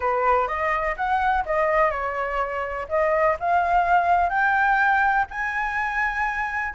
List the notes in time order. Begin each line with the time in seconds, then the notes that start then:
0.00 B4
0.47 D#5
0.96 F#5
1.45 D#5
1.90 C#5
2.88 D#5
3.39 F5
4.29 G5
5.30 G#5